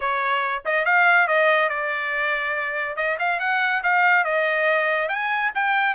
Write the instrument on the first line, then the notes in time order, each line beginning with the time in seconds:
trumpet
0.00 C#5
0.65 D#5
0.85 F5
1.27 D#5
1.69 D5
2.96 D#5
3.19 F5
3.39 F#5
3.83 F5
4.24 D#5
5.08 G#5
5.54 G5